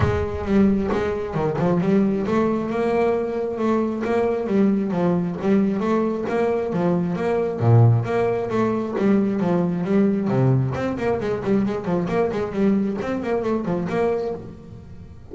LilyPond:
\new Staff \with { instrumentName = "double bass" } { \time 4/4 \tempo 4 = 134 gis4 g4 gis4 dis8 f8 | g4 a4 ais2 | a4 ais4 g4 f4 | g4 a4 ais4 f4 |
ais4 ais,4 ais4 a4 | g4 f4 g4 c4 | c'8 ais8 gis8 g8 gis8 f8 ais8 gis8 | g4 c'8 ais8 a8 f8 ais4 | }